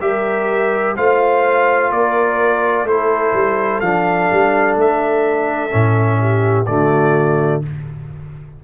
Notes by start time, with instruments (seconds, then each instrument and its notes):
0.00 tuba G3, trombone G4, horn A#4, trumpet E5
0.96 tuba A3, trombone F4, horn C5, trumpet F5
1.91 tuba A#3, horn A#4, trumpet D5
2.84 tuba A3, trombone E4, horn A4, trumpet C5
3.33 tuba G3
3.80 tuba F3, trombone D4, trumpet F5
4.32 tuba G3
4.76 tuba A3, trumpet E5
5.70 tuba A2, trombone C#4
6.20 horn G4
6.66 tuba D3, trombone A3, horn F#4, trumpet D5